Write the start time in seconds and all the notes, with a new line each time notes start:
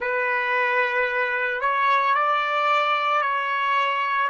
0.00 B4
1.61 C#5
2.14 D5
3.21 C#5